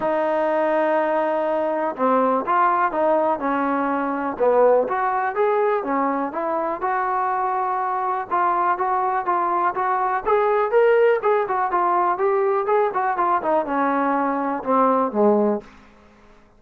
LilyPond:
\new Staff \with { instrumentName = "trombone" } { \time 4/4 \tempo 4 = 123 dis'1 | c'4 f'4 dis'4 cis'4~ | cis'4 b4 fis'4 gis'4 | cis'4 e'4 fis'2~ |
fis'4 f'4 fis'4 f'4 | fis'4 gis'4 ais'4 gis'8 fis'8 | f'4 g'4 gis'8 fis'8 f'8 dis'8 | cis'2 c'4 gis4 | }